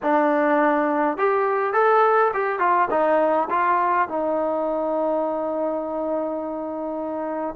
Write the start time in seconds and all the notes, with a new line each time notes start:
0.02 D4
1.17 G4
1.73 A4
2.33 G4
2.59 F4
2.90 D#4
3.50 F4
4.08 D#4